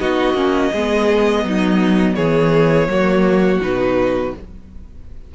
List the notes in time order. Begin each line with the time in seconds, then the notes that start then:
0.00 B3 D#4 F#4 D#5
0.34 A#3 C#4
0.73 G#3 B3 G#4
1.44 F#3 D#4
2.15 E3 G#4 C#5
2.88 F#3 A#3 F#4
3.61 B2 D#4 B4